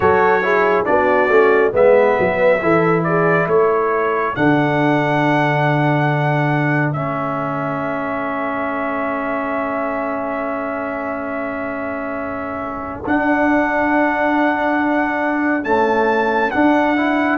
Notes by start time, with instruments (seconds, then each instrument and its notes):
0.00 tuba F#3, trombone F#4, horn A4, trumpet C#5
0.42 trombone E4, horn G#4
0.85 tuba B3, trombone D4, horn F#4, trumpet D5
1.29 tuba A3, trombone C#4
1.72 tuba G#3, trombone B3, horn B4, trumpet E5
2.19 tuba F#3
2.61 tuba E3, trombone E4, horn A4
3.03 horn G#4, trumpet D5
3.46 tuba A3, horn A4, trumpet C#5
4.35 tuba D3, trombone D4, trumpet F#5
6.92 tuba A3, trombone C#4, trumpet E5
13.06 trombone D4, tuba D4, trumpet F#5
15.63 trombone A3, tuba C#4, trumpet A5
16.50 trombone D4, tuba D4, trumpet F#5
16.96 trombone E4